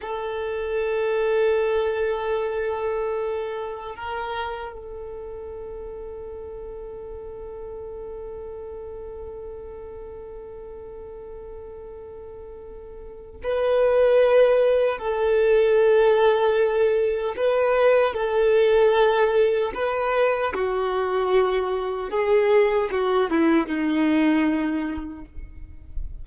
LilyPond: \new Staff \with { instrumentName = "violin" } { \time 4/4 \tempo 4 = 76 a'1~ | a'4 ais'4 a'2~ | a'1~ | a'1~ |
a'4 b'2 a'4~ | a'2 b'4 a'4~ | a'4 b'4 fis'2 | gis'4 fis'8 e'8 dis'2 | }